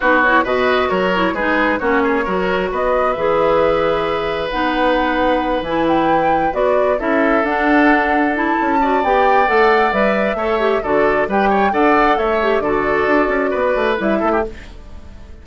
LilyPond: <<
  \new Staff \with { instrumentName = "flute" } { \time 4/4 \tempo 4 = 133 b'8 cis''8 dis''4 cis''4 b'4 | cis''2 dis''4 e''4~ | e''2 fis''2~ | fis''8 gis''8 g''4. d''4 e''8~ |
e''8 fis''2 a''4. | g''4 fis''4 e''2 | d''4 g''4 fis''4 e''4 | d''2. e''4 | }
  \new Staff \with { instrumentName = "oboe" } { \time 4/4 fis'4 b'4 ais'4 gis'4 | fis'8 gis'8 ais'4 b'2~ | b'1~ | b'2.~ b'8 a'8~ |
a'2.~ a'8 d''8~ | d''2. cis''4 | a'4 b'8 cis''8 d''4 cis''4 | a'2 b'4. a'16 g'16 | }
  \new Staff \with { instrumentName = "clarinet" } { \time 4/4 dis'8 e'8 fis'4. e'8 dis'4 | cis'4 fis'2 gis'4~ | gis'2 dis'2~ | dis'8 e'2 fis'4 e'8~ |
e'8 d'2 e'4 fis'8 | g'4 a'4 b'4 a'8 g'8 | fis'4 g'4 a'4. g'8 | fis'2. e'4 | }
  \new Staff \with { instrumentName = "bassoon" } { \time 4/4 b4 b,4 fis4 gis4 | ais4 fis4 b4 e4~ | e2 b2~ | b8 e2 b4 cis'8~ |
cis'8 d'2~ d'8 cis'4 | b4 a4 g4 a4 | d4 g4 d'4 a4 | d4 d'8 cis'8 b8 a8 g8 a8 | }
>>